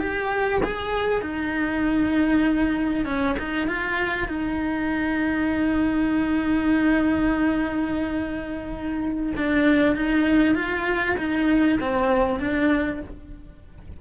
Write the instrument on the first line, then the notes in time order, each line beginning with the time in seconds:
cello
0.00 G4
0.64 G#4
1.22 D#4
3.05 C#4
3.39 D#4
3.68 F4
4.28 D#4
9.36 D4
9.96 D#4
10.55 F4
11.18 D#4
11.80 C4
12.40 D4